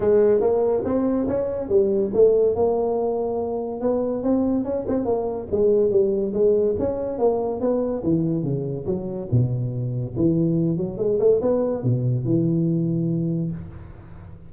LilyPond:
\new Staff \with { instrumentName = "tuba" } { \time 4/4 \tempo 4 = 142 gis4 ais4 c'4 cis'4 | g4 a4 ais2~ | ais4 b4 c'4 cis'8 c'8 | ais4 gis4 g4 gis4 |
cis'4 ais4 b4 e4 | cis4 fis4 b,2 | e4. fis8 gis8 a8 b4 | b,4 e2. | }